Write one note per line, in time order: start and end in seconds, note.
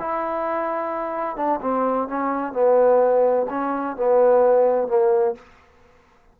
0.00 1.37 E4
1.37 1.60 D4
1.62 2.08 C4
2.08 2.53 C#4
2.53 3.47 B3
3.50 3.97 C#4
3.97 4.88 B3
4.88 5.35 A#3